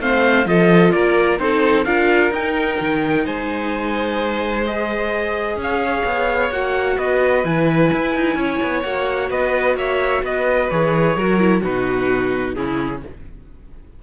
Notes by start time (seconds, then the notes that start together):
0.00 A3 C4 C5 F5
0.46 F3 F4 A4 D#5
0.92 A#3 A#4 D5
1.39 C4 D#4 A4 C5
1.85 D4 F4 A#4 F5
2.31 D#4 G5
2.80 D#3
3.25 G#3 C5 G#5
4.66 G#4 D#5
5.56 C#4 C#5
5.63 F5
6.05 B3
6.51 A#3 F#4 F#5
6.97 B3 B4 D#5
7.45 E3 E4 G#5
7.93 E4
8.16 D#4
8.36 C#4 C#5
8.63 B3
8.83 A#3 F#4 F#5
9.30 B3 B4 D#5
9.76 A#3 C#5 E5
10.23 B3 B4 D#5
10.70 E3 G#4 C#5
11.16 F#3 F#4 A#4
11.40 E4
11.62 B2 D#4 F#4 B4
12.56 C#3 C#4 E4 G#4